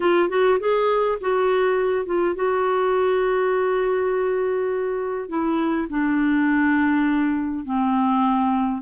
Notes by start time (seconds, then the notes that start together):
0.00 F4
0.29 F#4
0.59 G#4
1.20 F#4
2.05 F4
2.35 F#4
5.28 E4
5.89 D4
7.65 C4